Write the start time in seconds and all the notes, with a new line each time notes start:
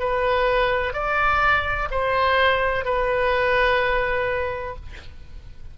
0.00 B4
0.94 D5
1.91 C5
2.85 B4